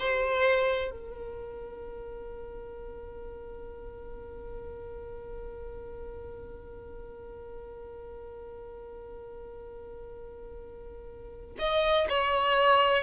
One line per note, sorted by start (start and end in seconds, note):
0.00 0.91 C5
0.91 11.56 A#4
11.59 12.07 D#5
12.10 13.03 C#5